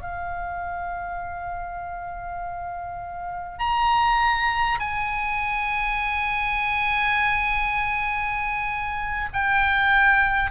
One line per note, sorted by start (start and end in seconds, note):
0.00 3.58 F5
3.58 4.78 A#5
4.79 9.29 G#5
9.33 10.51 G5